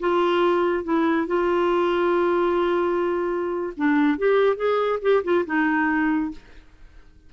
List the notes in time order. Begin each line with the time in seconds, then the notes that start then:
0.00 F4
0.84 E4
1.27 F4
3.77 D4
4.18 G4
4.56 G#4
5.02 G4
5.24 F4
5.46 D#4